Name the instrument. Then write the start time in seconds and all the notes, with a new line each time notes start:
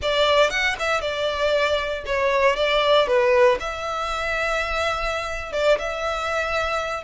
violin
0.02 D5
0.50 F#5
0.79 E5
1.01 D5
2.06 C#5
2.56 D5
3.07 B4
3.59 E5
5.52 D5
5.78 E5